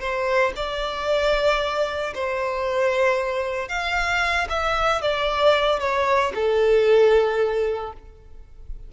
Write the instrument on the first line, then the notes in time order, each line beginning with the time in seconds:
violin
0.00 C5
0.56 D5
2.15 C5
3.69 F5
4.49 E5
5.01 D5
5.80 C#5
6.35 A4